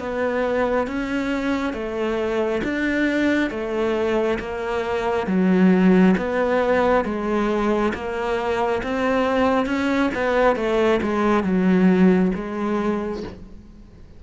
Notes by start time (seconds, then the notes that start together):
0.00 B3
0.87 C#4
1.74 A3
2.64 D4
3.51 A3
4.40 A#3
5.27 F#3
6.18 B3
7.05 G#3
7.94 A#3
8.84 C4
9.66 C#4
10.15 B3
10.56 A3
11.03 G#3
11.44 F#3
12.35 G#3